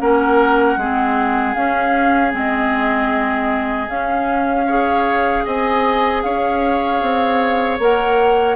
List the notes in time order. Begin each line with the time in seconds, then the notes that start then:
0.00 A#3 C#4 A#4 F#5
0.77 G#3 C4 G#4
1.54 C#4 F5
2.31 G#3 C4 D#5
3.88 C#4 F5
4.66 G#4 C#5
5.45 C4 D#5 G#5
6.22 C#4 C#5 F5
7.02 C4
7.79 A#3 A#4 F#5